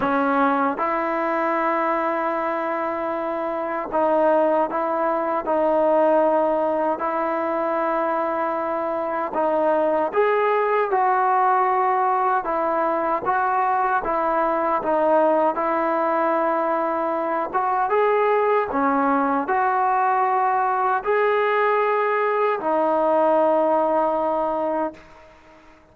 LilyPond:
\new Staff \with { instrumentName = "trombone" } { \time 4/4 \tempo 4 = 77 cis'4 e'2.~ | e'4 dis'4 e'4 dis'4~ | dis'4 e'2. | dis'4 gis'4 fis'2 |
e'4 fis'4 e'4 dis'4 | e'2~ e'8 fis'8 gis'4 | cis'4 fis'2 gis'4~ | gis'4 dis'2. | }